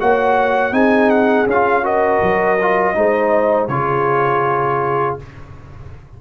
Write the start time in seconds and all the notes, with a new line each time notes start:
0.00 A#3 F#4 C#5 F#5
0.72 C4 D#4 G#4 G#5
1.10 F#5
1.46 C#4 F4 F5
1.83 F#4 A#4 D#5
2.22 F#3
2.61 F4
2.94 G#3 D#4 C5
3.68 C#3 F4 G#4 C#5